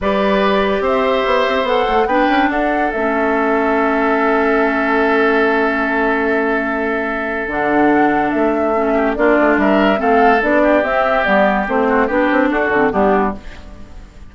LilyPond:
<<
  \new Staff \with { instrumentName = "flute" } { \time 4/4 \tempo 4 = 144 d''2 e''2 | fis''4 g''4 fis''4 e''4~ | e''1~ | e''1~ |
e''2 fis''2 | e''2 d''4 e''4 | f''4 d''4 e''4 d''4 | c''4 b'4 a'4 g'4 | }
  \new Staff \with { instrumentName = "oboe" } { \time 4/4 b'2 c''2~ | c''4 b'4 a'2~ | a'1~ | a'1~ |
a'1~ | a'4. g'8 f'4 ais'4 | a'4. g'2~ g'8~ | g'8 fis'8 g'4 fis'4 d'4 | }
  \new Staff \with { instrumentName = "clarinet" } { \time 4/4 g'1 | a'4 d'2 cis'4~ | cis'1~ | cis'1~ |
cis'2 d'2~ | d'4 cis'4 d'2 | c'4 d'4 c'4 b4 | c'4 d'4. c'8 b4 | }
  \new Staff \with { instrumentName = "bassoon" } { \time 4/4 g2 c'4 b8 c'8 | b8 a8 b8 cis'8 d'4 a4~ | a1~ | a1~ |
a2 d2 | a2 ais8 a8 g4 | a4 b4 c'4 g4 | a4 b8 c'8 d'8 d8 g4 | }
>>